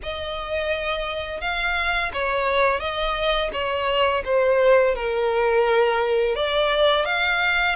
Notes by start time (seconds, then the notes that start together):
0.03 D#5
1.41 F5
2.13 C#5
2.79 D#5
3.52 C#5
4.24 C5
4.95 A#4
6.35 D5
7.05 F5